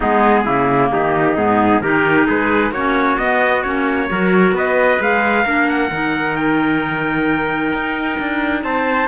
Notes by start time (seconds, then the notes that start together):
0.00 G#3 B3 D#4 G#4
0.45 C#3 A#3 E4
0.92 D#3 D#4 G4
1.36 G#2 B3 G#4
1.81 D#3 D#4 G4 A#4
2.26 G#3 G#4 B4
2.71 A#3 C#4 F#4 C#5
3.18 B3 D#5
3.62 A#3 C#4 C#5
4.09 F#3 F#4 A#4
4.52 B3 B4 D#5
5.00 G#3 G#4 F5
5.44 A#3 D4 A#4
5.69 F#5
5.91 D#3 D#4
6.36 G5
7.73 D#4
8.19 D4
8.63 C4 C5 A5